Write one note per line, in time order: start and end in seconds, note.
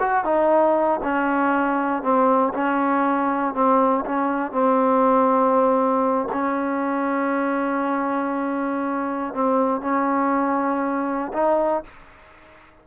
0.00 0.25 F#4
0.25 1.00 D#4
1.03 2.03 C#4
2.03 2.53 C4
2.54 3.54 C#4
3.54 4.05 C4
4.05 4.52 C#4
4.52 6.28 C4
6.32 9.34 C#4
9.34 9.81 C4
9.81 11.32 C#4
11.33 11.83 D#4